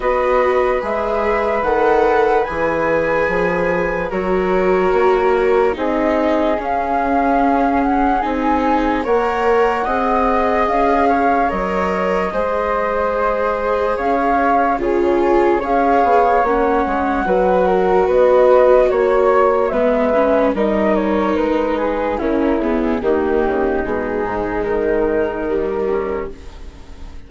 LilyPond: <<
  \new Staff \with { instrumentName = "flute" } { \time 4/4 \tempo 4 = 73 dis''4 e''4 fis''4 gis''4~ | gis''4 cis''2 dis''4 | f''4. fis''8 gis''4 fis''4~ | fis''4 f''4 dis''2~ |
dis''4 f''4 cis''4 f''4 | fis''2 dis''4 cis''4 | e''4 dis''8 cis''8 b'4 ais'8 gis'8 | g'4 gis'4 ais'2 | }
  \new Staff \with { instrumentName = "flute" } { \time 4/4 b'1~ | b'4 ais'2 gis'4~ | gis'2. cis''4 | dis''4. cis''4. c''4~ |
c''4 cis''4 gis'4 cis''4~ | cis''4 b'8 ais'8 b'4 cis''4 | b'4 ais'4. gis'8 e'4 | dis'2.~ dis'8 cis'8 | }
  \new Staff \with { instrumentName = "viola" } { \time 4/4 fis'4 gis'4 a'4 gis'4~ | gis'4 fis'2 dis'4 | cis'2 dis'4 ais'4 | gis'2 ais'4 gis'4~ |
gis'2 f'4 gis'4 | cis'4 fis'2. | b8 cis'8 dis'2 cis'8 b8 | ais4 gis2 g4 | }
  \new Staff \with { instrumentName = "bassoon" } { \time 4/4 b4 gis4 dis4 e4 | f4 fis4 ais4 c'4 | cis'2 c'4 ais4 | c'4 cis'4 fis4 gis4~ |
gis4 cis'4 cis4 cis'8 b8 | ais8 gis8 fis4 b4 ais4 | gis4 g4 gis4 cis4 | dis8 cis8 b,8 gis,8 dis2 | }
>>